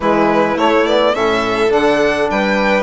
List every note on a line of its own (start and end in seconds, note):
0.00 0.55 E3
0.00 0.57 G#3
0.00 1.14 E4
0.00 0.57 B4
0.55 1.12 A3
0.55 0.86 A3
0.55 0.86 C#5
0.86 1.14 B3
0.86 1.15 D5
1.14 1.71 A2
1.14 1.69 C#4
1.14 2.29 A4
1.14 1.72 E5
1.69 2.28 D3
1.69 2.82 D4
1.69 2.29 F#5
2.30 2.82 G3
2.30 2.82 B4
2.30 2.82 G5